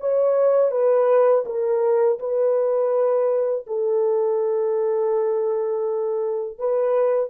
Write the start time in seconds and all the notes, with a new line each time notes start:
0.00 C#5
0.71 B4
1.46 A#4
2.19 B4
3.67 A4
6.59 B4